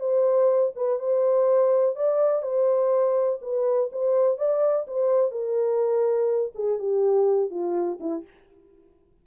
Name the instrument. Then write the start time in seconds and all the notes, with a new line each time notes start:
horn
0.00 C5
0.76 B4
0.99 C5
1.96 D5
2.43 C5
3.42 B4
3.92 C5
4.38 D5
4.88 C5
5.31 A#4
6.55 G#4
6.79 G4
7.51 F4
8.00 E4